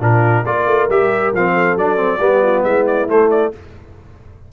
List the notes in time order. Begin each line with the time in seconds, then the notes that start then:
0.00 A#2 D4 F4 A#4
0.45 A#3 F4 A#4 D5
0.67 A3
0.89 G3 G4 E5
1.33 F3 C4 F5
1.53 A4
1.75 F#3 D4 D5
1.97 C4
2.19 G3 B3 G4
2.43 F4
2.63 G#3 E4 E5
2.87 D5
3.07 A3 C5
3.30 D5